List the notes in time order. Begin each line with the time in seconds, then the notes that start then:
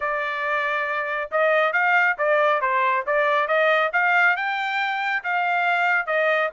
0.00 D5
1.31 D#5
1.72 F5
2.18 D5
2.61 C5
3.06 D5
3.47 D#5
3.92 F5
4.36 G5
5.23 F5
6.06 D#5